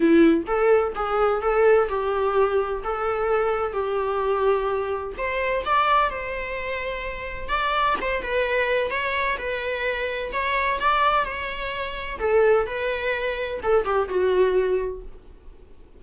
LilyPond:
\new Staff \with { instrumentName = "viola" } { \time 4/4 \tempo 4 = 128 e'4 a'4 gis'4 a'4 | g'2 a'2 | g'2. c''4 | d''4 c''2. |
d''4 c''8 b'4. cis''4 | b'2 cis''4 d''4 | cis''2 a'4 b'4~ | b'4 a'8 g'8 fis'2 | }